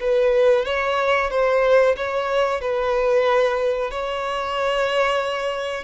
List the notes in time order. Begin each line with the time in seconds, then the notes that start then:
0.00 B4
0.66 C#5
1.30 C5
1.97 C#5
2.61 B4
3.91 C#5